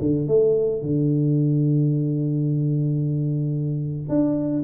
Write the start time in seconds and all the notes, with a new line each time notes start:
0.00 D3
0.27 A3
0.82 D3
4.09 D4